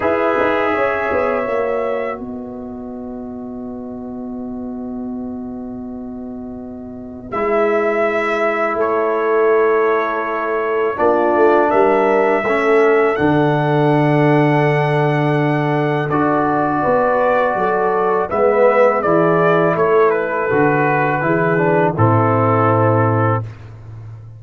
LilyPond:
<<
  \new Staff \with { instrumentName = "trumpet" } { \time 4/4 \tempo 4 = 82 e''2. dis''4~ | dis''1~ | dis''2 e''2 | cis''2. d''4 |
e''2 fis''2~ | fis''2 d''2~ | d''4 e''4 d''4 cis''8 b'8~ | b'2 a'2 | }
  \new Staff \with { instrumentName = "horn" } { \time 4/4 b'4 cis''2 b'4~ | b'1~ | b'1 | a'2. f'4 |
ais'4 a'2.~ | a'2. b'4 | a'4 b'4 gis'4 a'4~ | a'4 gis'4 e'2 | }
  \new Staff \with { instrumentName = "trombone" } { \time 4/4 gis'2 fis'2~ | fis'1~ | fis'2 e'2~ | e'2. d'4~ |
d'4 cis'4 d'2~ | d'2 fis'2~ | fis'4 b4 e'2 | fis'4 e'8 d'8 c'2 | }
  \new Staff \with { instrumentName = "tuba" } { \time 4/4 e'8 dis'8 cis'8 b8 ais4 b4~ | b1~ | b2 gis2 | a2. ais8 a8 |
g4 a4 d2~ | d2 d'4 b4 | fis4 gis4 e4 a4 | d4 e4 a,2 | }
>>